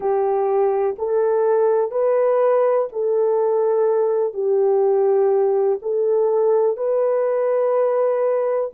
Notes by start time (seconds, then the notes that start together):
0.00 G4
0.98 A4
1.91 B4
2.92 A4
4.33 G4
5.82 A4
6.77 B4